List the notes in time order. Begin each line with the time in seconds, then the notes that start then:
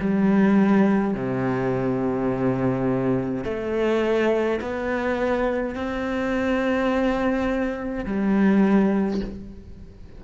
0.00 G3
1.14 C3
3.45 A3
4.61 B3
5.75 C4
8.06 G3